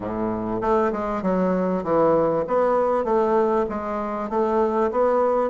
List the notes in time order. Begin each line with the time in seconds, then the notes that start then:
0.00 A2
0.61 A3
0.92 G#3
1.22 F#3
1.83 E3
2.47 B3
3.04 A3
3.69 G#3
4.29 A3
4.91 B3